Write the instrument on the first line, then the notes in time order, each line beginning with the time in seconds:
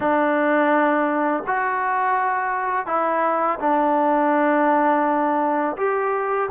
trombone
0.00 D4
1.46 F#4
2.86 E4
3.59 D4
5.76 G4